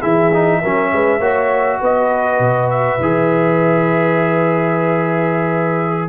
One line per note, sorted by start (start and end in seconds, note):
0.00 0.62 E3
0.00 0.31 E4
0.00 0.59 G#4
0.00 1.80 E5
0.33 0.63 D#4
0.61 0.92 F#3
0.61 1.21 C#4
0.61 0.91 A#4
0.92 1.19 G#3
0.92 1.19 B4
1.19 1.78 A#3
1.19 2.99 F#4
1.19 1.79 C#5
1.80 2.39 B3
1.80 6.09 B4
1.80 2.70 D#5
2.39 2.98 B2
2.70 6.09 E5
3.00 6.09 E3
3.00 6.09 G#4